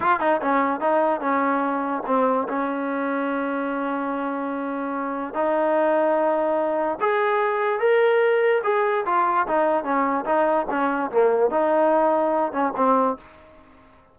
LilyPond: \new Staff \with { instrumentName = "trombone" } { \time 4/4 \tempo 4 = 146 f'8 dis'8 cis'4 dis'4 cis'4~ | cis'4 c'4 cis'2~ | cis'1~ | cis'4 dis'2.~ |
dis'4 gis'2 ais'4~ | ais'4 gis'4 f'4 dis'4 | cis'4 dis'4 cis'4 ais4 | dis'2~ dis'8 cis'8 c'4 | }